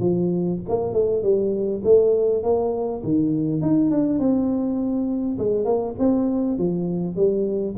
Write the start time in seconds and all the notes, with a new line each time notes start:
0.00 F3
0.69 A#3
0.94 A3
1.23 G3
1.84 A3
2.44 A#3
3.04 D#3
3.62 D#4
3.91 D4
4.20 C4
5.39 G#3
5.65 A#3
5.99 C4
6.59 F3
7.16 G3